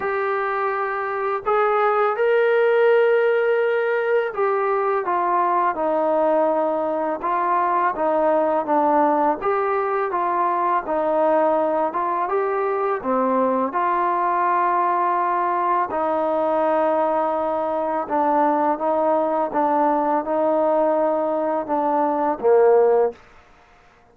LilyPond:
\new Staff \with { instrumentName = "trombone" } { \time 4/4 \tempo 4 = 83 g'2 gis'4 ais'4~ | ais'2 g'4 f'4 | dis'2 f'4 dis'4 | d'4 g'4 f'4 dis'4~ |
dis'8 f'8 g'4 c'4 f'4~ | f'2 dis'2~ | dis'4 d'4 dis'4 d'4 | dis'2 d'4 ais4 | }